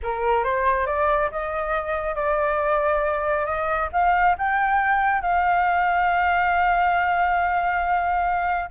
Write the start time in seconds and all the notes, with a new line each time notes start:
0.02 A#4
0.44 C5
0.86 D5
1.31 D#5
2.15 D5
3.45 D#5
3.92 F5
4.38 G5
5.21 F5